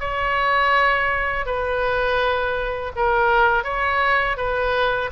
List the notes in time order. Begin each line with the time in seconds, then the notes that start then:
0.00 C#5
1.46 B4
2.96 A#4
3.64 C#5
4.37 B4